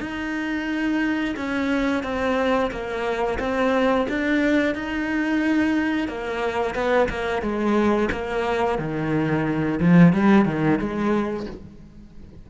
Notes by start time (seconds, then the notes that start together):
0.00 D#4
1.36 C#4
2.03 C4
2.71 A#3
3.39 C4
4.09 D4
4.75 D#4
6.08 A#3
6.75 B3
7.09 A#3
7.42 G#3
8.12 A#3
8.78 D#3
9.80 F3
10.13 G3
10.45 D#3
10.79 G#3